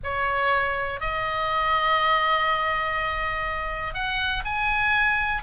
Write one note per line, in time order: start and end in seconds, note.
0.03 1.00 C#5
1.00 3.93 D#5
3.93 4.43 F#5
4.44 5.42 G#5